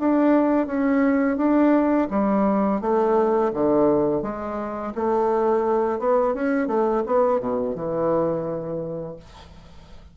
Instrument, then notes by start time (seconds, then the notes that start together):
bassoon
0.00 D4
0.67 C#4
1.38 D4
2.11 G3
2.81 A3
3.54 D3
4.23 G#3
4.95 A3
5.99 B3
6.35 C#4
6.68 A3
7.07 B3
7.40 B2
7.76 E3